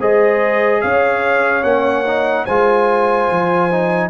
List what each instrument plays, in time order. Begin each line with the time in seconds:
0.00 tuba G#3, trombone G#4, horn C5, trumpet D#5
0.81 tuba C#4, horn C#5, trumpet F5
1.63 tuba A#3, trombone C#4, trumpet F#5
2.06 trombone D#4
2.46 tuba G#3, trombone F4, horn C5, trumpet G#5
3.30 tuba F3
3.71 trombone D#4